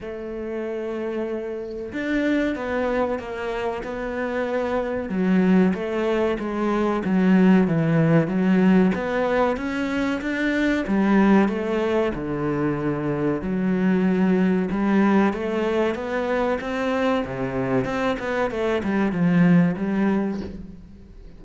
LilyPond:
\new Staff \with { instrumentName = "cello" } { \time 4/4 \tempo 4 = 94 a2. d'4 | b4 ais4 b2 | fis4 a4 gis4 fis4 | e4 fis4 b4 cis'4 |
d'4 g4 a4 d4~ | d4 fis2 g4 | a4 b4 c'4 c4 | c'8 b8 a8 g8 f4 g4 | }